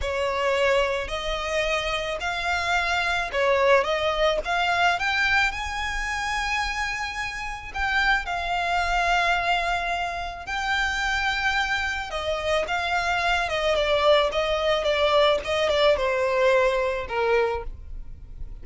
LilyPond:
\new Staff \with { instrumentName = "violin" } { \time 4/4 \tempo 4 = 109 cis''2 dis''2 | f''2 cis''4 dis''4 | f''4 g''4 gis''2~ | gis''2 g''4 f''4~ |
f''2. g''4~ | g''2 dis''4 f''4~ | f''8 dis''8 d''4 dis''4 d''4 | dis''8 d''8 c''2 ais'4 | }